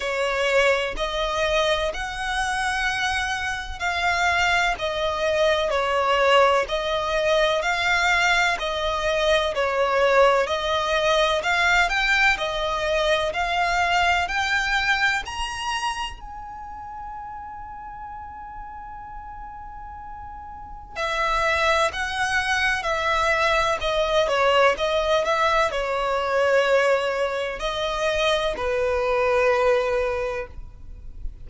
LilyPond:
\new Staff \with { instrumentName = "violin" } { \time 4/4 \tempo 4 = 63 cis''4 dis''4 fis''2 | f''4 dis''4 cis''4 dis''4 | f''4 dis''4 cis''4 dis''4 | f''8 g''8 dis''4 f''4 g''4 |
ais''4 gis''2.~ | gis''2 e''4 fis''4 | e''4 dis''8 cis''8 dis''8 e''8 cis''4~ | cis''4 dis''4 b'2 | }